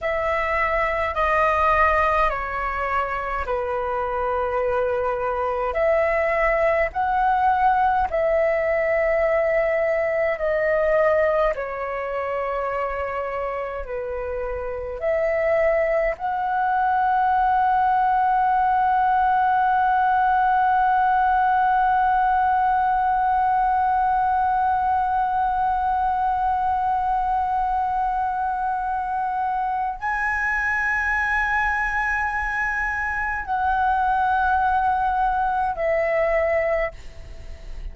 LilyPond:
\new Staff \with { instrumentName = "flute" } { \time 4/4 \tempo 4 = 52 e''4 dis''4 cis''4 b'4~ | b'4 e''4 fis''4 e''4~ | e''4 dis''4 cis''2 | b'4 e''4 fis''2~ |
fis''1~ | fis''1~ | fis''2 gis''2~ | gis''4 fis''2 e''4 | }